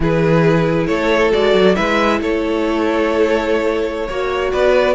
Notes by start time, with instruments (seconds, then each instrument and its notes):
0.00 cello E3, viola E4, violin G#4 B4
0.86 cello A3, violin A4 C#5
1.31 cello G#3, viola F#4, violin D5
1.54 cello F#3
1.75 cello G#3, viola E4, violin B4 E5
2.20 cello A3, violin A4 C#5
4.07 cello A#3, viola F#4, violin C#5
4.51 cello B3, violin B4 D5